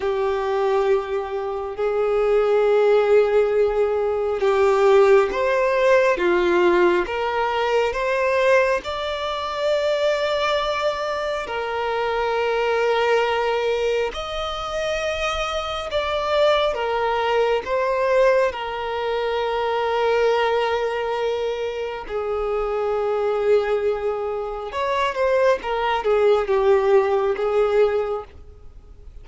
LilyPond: \new Staff \with { instrumentName = "violin" } { \time 4/4 \tempo 4 = 68 g'2 gis'2~ | gis'4 g'4 c''4 f'4 | ais'4 c''4 d''2~ | d''4 ais'2. |
dis''2 d''4 ais'4 | c''4 ais'2.~ | ais'4 gis'2. | cis''8 c''8 ais'8 gis'8 g'4 gis'4 | }